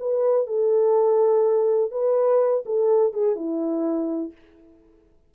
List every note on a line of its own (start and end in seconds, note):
0.00 0.47 B4
0.47 1.92 A4
1.92 2.64 B4
2.66 3.13 A4
3.13 3.36 G#4
3.36 4.32 E4